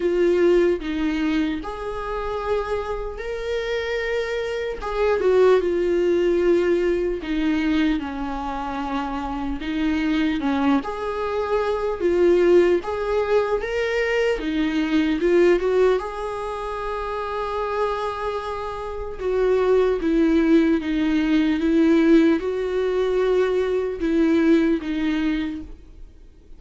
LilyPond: \new Staff \with { instrumentName = "viola" } { \time 4/4 \tempo 4 = 75 f'4 dis'4 gis'2 | ais'2 gis'8 fis'8 f'4~ | f'4 dis'4 cis'2 | dis'4 cis'8 gis'4. f'4 |
gis'4 ais'4 dis'4 f'8 fis'8 | gis'1 | fis'4 e'4 dis'4 e'4 | fis'2 e'4 dis'4 | }